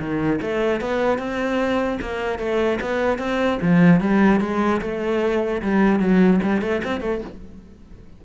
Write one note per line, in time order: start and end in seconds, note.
0.00 0.40 D#3
0.42 0.81 A3
0.81 1.18 B3
1.18 1.99 C4
2.01 2.39 A#3
2.39 2.79 A3
2.81 3.19 B3
3.19 3.59 C4
3.62 4.00 F3
4.00 4.41 G3
4.41 4.81 G#3
4.81 5.62 A3
5.62 6.00 G3
6.00 6.40 F#3
6.43 6.62 G3
6.62 6.82 A3
6.84 7.01 C4
7.01 7.21 A3